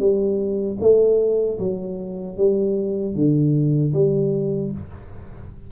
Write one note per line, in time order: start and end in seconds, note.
0.00 0.78 G3
0.81 1.59 A3
1.59 2.37 F#3
2.38 3.16 G3
3.16 3.94 D3
3.94 4.72 G3